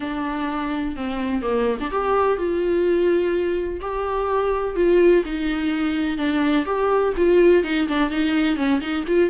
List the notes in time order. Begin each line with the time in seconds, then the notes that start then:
0.00 D4
0.96 C4
1.42 A#3
1.80 D4
1.91 G4
2.37 F4
3.80 G4
4.75 F4
5.25 D#4
6.17 D4
6.65 G4
7.16 F4
7.63 D#4
7.88 D4
8.10 D#4
8.56 C#4
8.80 D#4
9.07 F4